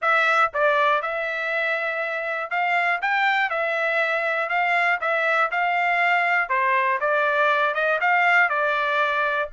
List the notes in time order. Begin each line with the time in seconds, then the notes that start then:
0.01 E5
0.53 D5
1.02 E5
2.50 F5
3.01 G5
3.50 E5
4.49 F5
5.00 E5
5.51 F5
6.49 C5
7.00 D5
7.74 D#5
8.00 F5
8.49 D5